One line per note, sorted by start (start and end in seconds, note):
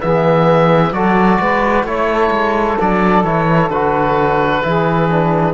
0.00 0.92 E3
0.00 0.92 B3
0.00 0.93 G#4
0.00 0.93 E5
0.92 1.39 F#3
0.92 1.86 F#4
0.92 1.40 A4
0.92 1.86 D5
1.41 1.84 G#3
1.41 1.87 B4
1.84 2.30 A3
1.84 2.78 E4
1.84 2.78 C#5
1.84 2.10 C#5
2.12 4.65 A4
2.31 2.77 G#3
2.80 3.24 F#3
2.80 3.25 D4
2.80 3.25 D5
3.24 3.70 E3
3.24 3.71 E4
3.24 3.70 C#5
3.70 4.63 D3
3.70 4.63 F#4
3.70 5.54 B4
4.63 5.54 E3
4.63 5.09 E4
4.63 5.54 G#4
5.10 5.54 D4